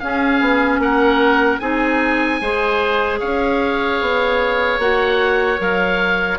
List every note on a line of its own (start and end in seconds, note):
0.00 0.41 C#4
0.00 1.61 C#4
0.00 0.82 G#4
0.00 0.80 F5
0.41 0.79 B3
0.79 1.59 A#3
0.79 1.61 A#4
0.79 1.60 F#5
1.60 2.41 C4
1.60 2.41 D#4
1.60 2.41 G#4
1.60 3.20 G#5
2.41 3.21 G#3
2.41 4.81 G#4
2.41 3.20 C5
3.20 4.01 C#4
3.20 6.39 C#5
3.20 4.81 F5
4.01 4.79 B3
4.79 5.59 A#3
4.79 5.58 F#4
4.79 5.61 F#5
5.58 6.39 F#3
5.58 6.38 A#4
5.58 6.39 F5